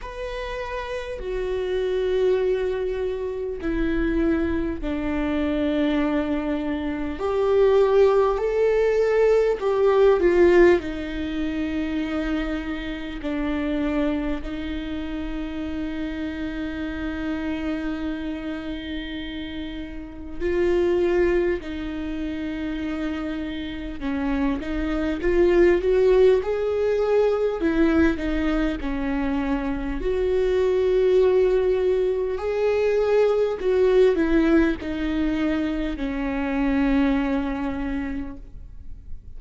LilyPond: \new Staff \with { instrumentName = "viola" } { \time 4/4 \tempo 4 = 50 b'4 fis'2 e'4 | d'2 g'4 a'4 | g'8 f'8 dis'2 d'4 | dis'1~ |
dis'4 f'4 dis'2 | cis'8 dis'8 f'8 fis'8 gis'4 e'8 dis'8 | cis'4 fis'2 gis'4 | fis'8 e'8 dis'4 cis'2 | }